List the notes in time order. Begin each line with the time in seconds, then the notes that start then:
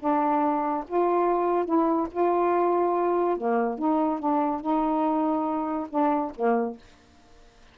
0.00 D4
0.88 F4
1.65 E4
2.12 F4
3.38 A#3
3.79 D#4
4.19 D4
4.61 D#4
5.90 D4
6.36 A#3